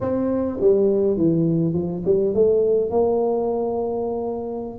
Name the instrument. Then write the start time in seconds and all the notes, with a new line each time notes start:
tuba
0.01 C4
0.60 G3
1.17 E3
1.73 F3
2.05 G3
2.34 A3
2.90 A#3